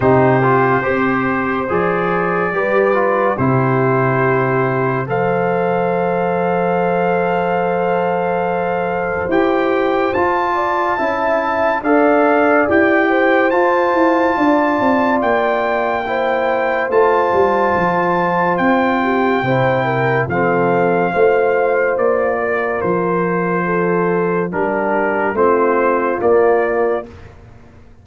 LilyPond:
<<
  \new Staff \with { instrumentName = "trumpet" } { \time 4/4 \tempo 4 = 71 c''2 d''2 | c''2 f''2~ | f''2. g''4 | a''2 f''4 g''4 |
a''2 g''2 | a''2 g''2 | f''2 d''4 c''4~ | c''4 ais'4 c''4 d''4 | }
  \new Staff \with { instrumentName = "horn" } { \time 4/4 g'4 c''2 b'4 | g'2 c''2~ | c''1~ | c''8 d''8 e''4 d''4. c''8~ |
c''4 d''2 c''4~ | c''2~ c''8 g'8 c''8 ais'8 | a'4 c''4. ais'4. | a'4 g'4 f'2 | }
  \new Staff \with { instrumentName = "trombone" } { \time 4/4 dis'8 f'8 g'4 gis'4 g'8 f'8 | e'2 a'2~ | a'2. g'4 | f'4 e'4 a'4 g'4 |
f'2. e'4 | f'2. e'4 | c'4 f'2.~ | f'4 d'4 c'4 ais4 | }
  \new Staff \with { instrumentName = "tuba" } { \time 4/4 c4 c'4 f4 g4 | c2 f2~ | f2. e'4 | f'4 cis'4 d'4 e'4 |
f'8 e'8 d'8 c'8 ais2 | a8 g8 f4 c'4 c4 | f4 a4 ais4 f4~ | f4 g4 a4 ais4 | }
>>